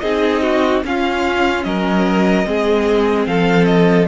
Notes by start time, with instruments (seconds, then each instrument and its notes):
0.00 cello C4, viola D#4, violin G#4 D#5
0.43 violin F#4
0.85 cello C#4, viola C#4, violin F4 F5
1.64 cello F#3, violin A#4 D#5
2.45 cello G#3, viola C4, violin G#4
3.27 cello F3, violin A4 F5
3.66 violin D#5